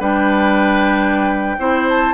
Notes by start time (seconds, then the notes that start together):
0.00 G3 D4 B4 G5
1.58 C4 E4 C5
1.90 A5